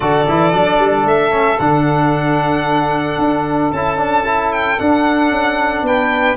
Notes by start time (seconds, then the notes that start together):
0.00 D3 F#4 A4 D5
0.28 E3 E4
0.52 F#3 D4
0.78 G3
1.04 A3 E5
1.30 C#4
1.59 D3 D4 F#5
3.18 D4
3.71 C#4 E4 A5
3.97 D4
4.24 E4
4.52 G5
4.78 D4 F#5
5.30 C#4
5.82 B3 B4 G5